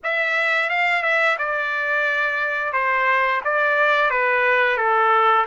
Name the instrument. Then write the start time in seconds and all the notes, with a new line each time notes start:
trumpet
0.03 E5
0.69 F5
1.02 E5
1.38 D5
2.72 C5
3.44 D5
4.10 B4
4.77 A4